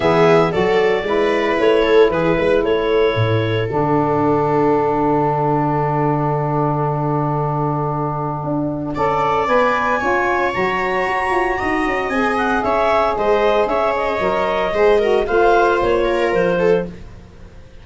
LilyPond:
<<
  \new Staff \with { instrumentName = "clarinet" } { \time 4/4 \tempo 4 = 114 e''4 d''2 cis''4 | b'4 cis''2 fis''4~ | fis''1~ | fis''1~ |
fis''2 gis''2 | ais''2. gis''8 fis''8 | e''4 dis''4 e''8 dis''4.~ | dis''4 f''4 cis''4 c''4 | }
  \new Staff \with { instrumentName = "viola" } { \time 4/4 gis'4 a'4 b'4. a'8 | gis'8 b'8 a'2.~ | a'1~ | a'1~ |
a'4 d''2 cis''4~ | cis''2 dis''2 | cis''4 c''4 cis''2 | c''8 ais'8 c''4. ais'4 a'8 | }
  \new Staff \with { instrumentName = "saxophone" } { \time 4/4 b4 fis'4 e'2~ | e'2. d'4~ | d'1~ | d'1~ |
d'4 a'4 b'4 f'4 | fis'2. gis'4~ | gis'2. ais'4 | gis'8 fis'8 f'2. | }
  \new Staff \with { instrumentName = "tuba" } { \time 4/4 e4 fis4 gis4 a4 | e8 gis8 a4 a,4 d4~ | d1~ | d1 |
d'4 cis'4 b4 cis'4 | fis4 fis'8 f'8 dis'8 cis'8 c'4 | cis'4 gis4 cis'4 fis4 | gis4 a4 ais4 f4 | }
>>